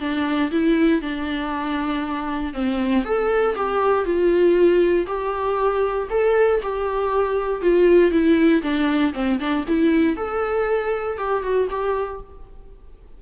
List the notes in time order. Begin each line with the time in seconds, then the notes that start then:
0.00 D4
0.51 E4
1.01 D4
2.54 C4
3.04 A4
3.55 G4
4.04 F4
5.07 G4
6.10 A4
6.62 G4
7.62 F4
8.11 E4
8.62 D4
9.13 C4
9.39 D4
9.67 E4
10.16 A4
11.18 G4
11.43 F#4
11.70 G4